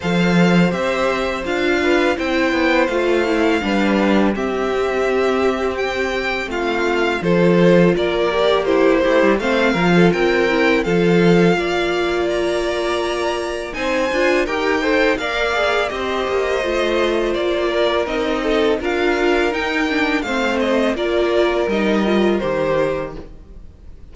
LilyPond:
<<
  \new Staff \with { instrumentName = "violin" } { \time 4/4 \tempo 4 = 83 f''4 e''4 f''4 g''4 | f''2 e''2 | g''4 f''4 c''4 d''4 | c''4 f''4 g''4 f''4~ |
f''4 ais''2 gis''4 | g''4 f''4 dis''2 | d''4 dis''4 f''4 g''4 | f''8 dis''8 d''4 dis''4 c''4 | }
  \new Staff \with { instrumentName = "violin" } { \time 4/4 c''2~ c''8 b'8 c''4~ | c''4 b'4 g'2~ | g'4 f'4 a'4 ais'4 | g'8 e'8 c''8 ais'16 a'16 ais'4 a'4 |
d''2. c''4 | ais'8 c''8 d''4 c''2~ | c''8 ais'4 a'8 ais'2 | c''4 ais'2. | }
  \new Staff \with { instrumentName = "viola" } { \time 4/4 a'4 g'4 f'4 e'4 | f'8 e'8 d'4 c'2~ | c'2 f'4. g'8 | e'8 g'8 c'8 f'4 e'8 f'4~ |
f'2. dis'8 f'8 | g'8 a'8 ais'8 gis'8 g'4 f'4~ | f'4 dis'4 f'4 dis'8 d'8 | c'4 f'4 dis'8 f'8 g'4 | }
  \new Staff \with { instrumentName = "cello" } { \time 4/4 f4 c'4 d'4 c'8 b8 | a4 g4 c'2~ | c'4 a4 f4 ais4~ | ais8 a16 g16 a8 f8 c'4 f4 |
ais2. c'8 d'8 | dis'4 ais4 c'8 ais8 a4 | ais4 c'4 d'4 dis'4 | a4 ais4 g4 dis4 | }
>>